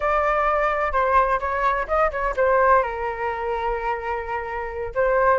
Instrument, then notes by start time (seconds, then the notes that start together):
flute
0.00 D5
0.92 C5
1.39 C#5
1.87 D#5
2.11 C#5
2.36 C5
2.83 A#4
4.95 C5